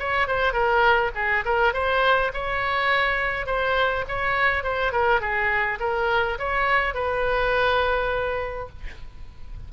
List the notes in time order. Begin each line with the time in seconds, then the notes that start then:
0.00 C#5
0.28 C5
0.53 A#4
1.15 G#4
1.45 A#4
1.74 C5
2.34 C#5
3.47 C5
4.09 C#5
4.64 C5
4.93 A#4
5.21 G#4
5.80 A#4
6.39 C#5
6.95 B4